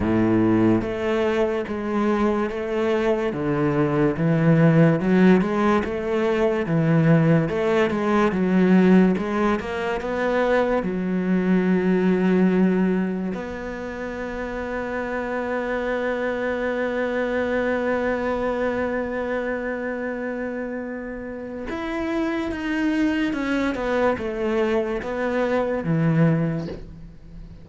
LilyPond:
\new Staff \with { instrumentName = "cello" } { \time 4/4 \tempo 4 = 72 a,4 a4 gis4 a4 | d4 e4 fis8 gis8 a4 | e4 a8 gis8 fis4 gis8 ais8 | b4 fis2. |
b1~ | b1~ | b2 e'4 dis'4 | cis'8 b8 a4 b4 e4 | }